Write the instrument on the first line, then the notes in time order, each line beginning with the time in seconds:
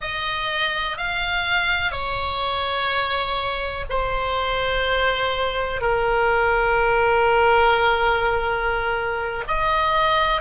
oboe
0.01 D#5
0.97 F5
1.91 C#5
3.89 C5
5.81 A#4
9.47 D#5